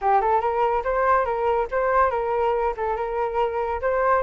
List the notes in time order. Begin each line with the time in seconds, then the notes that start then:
0.01 G4
0.21 A4
0.40 A#4
0.84 C5
1.25 A#4
1.71 C5
2.10 A#4
2.77 A4
2.96 A#4
3.81 C5